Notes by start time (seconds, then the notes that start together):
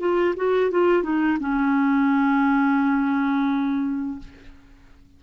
0.00 F4
0.36 F#4
0.71 F4
1.03 D#4
1.40 C#4